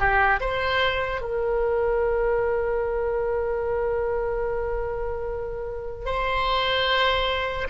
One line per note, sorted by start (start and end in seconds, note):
0.00 0.41 G4
0.41 1.21 C5
1.21 6.06 A#4
6.06 7.68 C5